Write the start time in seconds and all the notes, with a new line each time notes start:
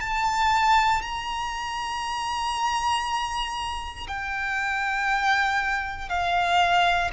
0.00 A5
1.02 A#5
4.07 G5
6.09 F5